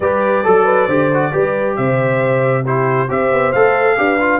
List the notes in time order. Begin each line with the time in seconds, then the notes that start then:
0.00 G3 G4 B4 D5
0.43 F#3 A4
0.64 B4
0.86 D3 G4 C5
1.13 F#4
1.31 G3 G4 B4
1.76 C3 C5 E5
2.63 E4 G4 C5
3.08 C4 G4 C5 E5
3.32 B3
3.52 A3 A4 F5
3.96 D4 G4 B4
4.20 F4